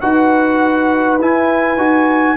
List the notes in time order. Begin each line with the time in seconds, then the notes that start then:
0.00 D#4 F#4 B4 F#5
1.19 E4 G#5
1.76 D#4 F#4